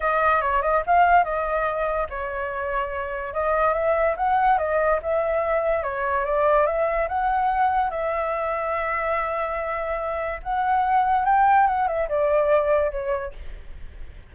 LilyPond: \new Staff \with { instrumentName = "flute" } { \time 4/4 \tempo 4 = 144 dis''4 cis''8 dis''8 f''4 dis''4~ | dis''4 cis''2. | dis''4 e''4 fis''4 dis''4 | e''2 cis''4 d''4 |
e''4 fis''2 e''4~ | e''1~ | e''4 fis''2 g''4 | fis''8 e''8 d''2 cis''4 | }